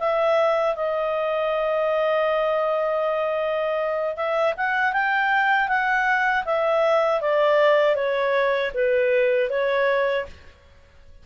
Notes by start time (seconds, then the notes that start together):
0.00 E5
0.76 D#5
4.17 E5
4.58 F#5
4.93 G5
5.69 F#5
6.46 E5
7.22 D5
7.96 C#5
8.74 B4
9.50 C#5